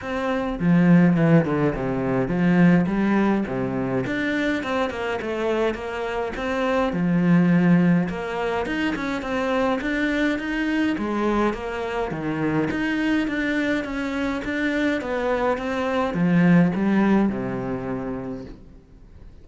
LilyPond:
\new Staff \with { instrumentName = "cello" } { \time 4/4 \tempo 4 = 104 c'4 f4 e8 d8 c4 | f4 g4 c4 d'4 | c'8 ais8 a4 ais4 c'4 | f2 ais4 dis'8 cis'8 |
c'4 d'4 dis'4 gis4 | ais4 dis4 dis'4 d'4 | cis'4 d'4 b4 c'4 | f4 g4 c2 | }